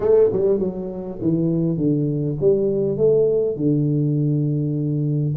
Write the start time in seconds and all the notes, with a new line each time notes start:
0.00 A3
0.32 G3
0.59 F#3
1.21 E3
1.77 D3
2.40 G3
2.97 A3
3.56 D3